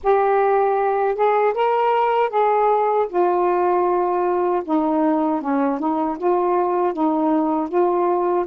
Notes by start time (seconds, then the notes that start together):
0.03 G4
1.15 G#4
1.53 A#4
2.29 G#4
3.09 F4
4.64 D#4
5.41 C#4
5.79 D#4
6.17 F4
6.93 D#4
7.68 F4